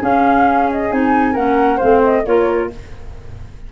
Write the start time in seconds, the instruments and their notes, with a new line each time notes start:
0.00 clarinet C#4, tuba C#4, flute G#4 F5
0.71 flute D#5
0.90 tuba C4, clarinet D#4, flute G#5
1.32 tuba A#3, clarinet C#4, flute A#4 F#5
1.77 tuba A3, clarinet C4, flute C5 F5
2.04 flute D#5
2.25 tuba A#3, clarinet F4, flute A#4 C#5